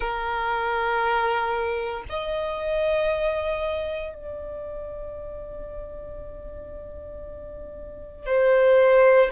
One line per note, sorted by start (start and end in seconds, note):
0.00 2.04 A#4
2.09 4.14 D#5
4.14 8.26 D5
8.26 9.29 C5